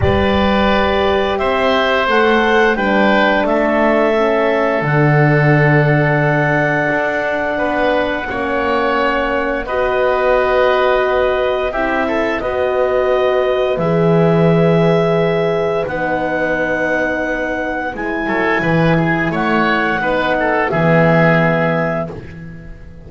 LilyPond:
<<
  \new Staff \with { instrumentName = "clarinet" } { \time 4/4 \tempo 4 = 87 d''2 e''4 fis''4 | g''4 e''2 fis''4~ | fis''1~ | fis''2 dis''2~ |
dis''4 e''4 dis''2 | e''2. fis''4~ | fis''2 gis''2 | fis''2 e''2 | }
  \new Staff \with { instrumentName = "oboe" } { \time 4/4 b'2 c''2 | b'4 a'2.~ | a'2. b'4 | cis''2 b'2~ |
b'4 g'8 a'8 b'2~ | b'1~ | b'2~ b'8 a'8 b'8 gis'8 | cis''4 b'8 a'8 gis'2 | }
  \new Staff \with { instrumentName = "horn" } { \time 4/4 g'2. a'4 | d'2 cis'4 d'4~ | d'1 | cis'2 fis'2~ |
fis'4 e'4 fis'2 | gis'2. dis'4~ | dis'2 e'2~ | e'4 dis'4 b2 | }
  \new Staff \with { instrumentName = "double bass" } { \time 4/4 g2 c'4 a4 | g4 a2 d4~ | d2 d'4 b4 | ais2 b2~ |
b4 c'4 b2 | e2. b4~ | b2 gis8 fis8 e4 | a4 b4 e2 | }
>>